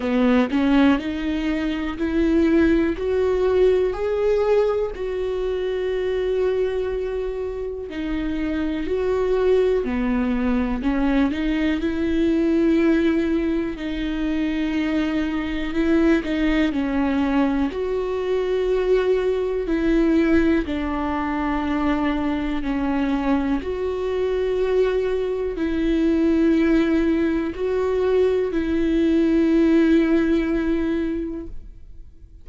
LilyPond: \new Staff \with { instrumentName = "viola" } { \time 4/4 \tempo 4 = 61 b8 cis'8 dis'4 e'4 fis'4 | gis'4 fis'2. | dis'4 fis'4 b4 cis'8 dis'8 | e'2 dis'2 |
e'8 dis'8 cis'4 fis'2 | e'4 d'2 cis'4 | fis'2 e'2 | fis'4 e'2. | }